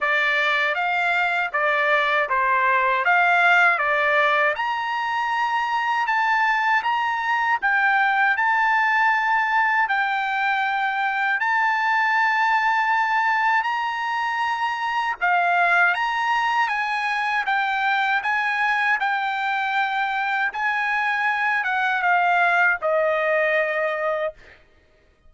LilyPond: \new Staff \with { instrumentName = "trumpet" } { \time 4/4 \tempo 4 = 79 d''4 f''4 d''4 c''4 | f''4 d''4 ais''2 | a''4 ais''4 g''4 a''4~ | a''4 g''2 a''4~ |
a''2 ais''2 | f''4 ais''4 gis''4 g''4 | gis''4 g''2 gis''4~ | gis''8 fis''8 f''4 dis''2 | }